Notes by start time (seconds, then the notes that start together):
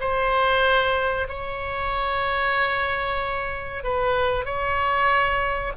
0.00 C5
1.29 C#5
3.84 B4
4.45 C#5